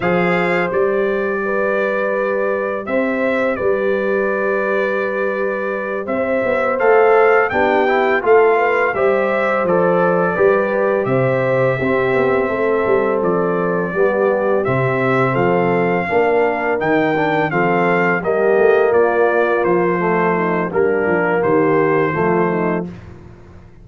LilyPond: <<
  \new Staff \with { instrumentName = "trumpet" } { \time 4/4 \tempo 4 = 84 f''4 d''2. | e''4 d''2.~ | d''8 e''4 f''4 g''4 f''8~ | f''8 e''4 d''2 e''8~ |
e''2~ e''8 d''4.~ | d''8 e''4 f''2 g''8~ | g''8 f''4 dis''4 d''4 c''8~ | c''4 ais'4 c''2 | }
  \new Staff \with { instrumentName = "horn" } { \time 4/4 c''2 b'2 | c''4 b'2.~ | b'8 c''2 g'4 a'8 | b'8 c''2 b'4 c''8~ |
c''8 g'4 a'2 g'8~ | g'4. a'4 ais'4.~ | ais'8 a'4 g'4 f'4.~ | f'8 dis'8 d'4 g'4 f'8 dis'8 | }
  \new Staff \with { instrumentName = "trombone" } { \time 4/4 gis'4 g'2.~ | g'1~ | g'4. a'4 d'8 e'8 f'8~ | f'8 g'4 a'4 g'4.~ |
g'8 c'2. b8~ | b8 c'2 d'4 dis'8 | d'8 c'4 ais2~ ais8 | a4 ais2 a4 | }
  \new Staff \with { instrumentName = "tuba" } { \time 4/4 f4 g2. | c'4 g2.~ | g8 c'8 b8 a4 b4 a8~ | a8 g4 f4 g4 c8~ |
c8 c'8 b8 a8 g8 f4 g8~ | g8 c4 f4 ais4 dis8~ | dis8 f4 g8 a8 ais4 f8~ | f4 g8 f8 dis4 f4 | }
>>